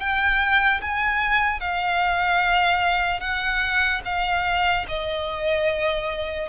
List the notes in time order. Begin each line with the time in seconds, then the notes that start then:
0.00 G5
0.81 G#5
1.61 F5
3.21 F#5
4.05 F5
4.88 D#5